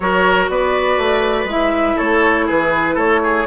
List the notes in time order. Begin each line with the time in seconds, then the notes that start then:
0.00 F#3 F#4 A#4 C#5
0.48 B3 B4 D5
0.97 A3
1.44 G#3 E4 E5
1.96 A3 A4 C#5
2.46 E3 G#4 B4
2.94 A3 A4 C#5
3.23 G#4